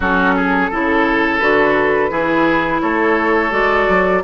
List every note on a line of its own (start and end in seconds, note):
0.00 0.71 F#3
0.00 0.71 C#4
0.00 0.35 F#4
0.00 1.38 A4
0.36 0.71 G#4
0.71 1.41 C#3
0.71 1.40 E4
0.71 2.11 A4
1.38 2.10 D3
1.38 2.10 F#4
1.38 2.79 B4
2.10 2.81 E3
2.10 3.51 E4
2.10 2.81 G#4
2.81 3.51 A3
2.81 4.23 A4
2.81 3.51 C#5
3.51 3.86 G#3
3.51 4.21 F#4
3.51 4.22 D5
3.88 4.23 F#3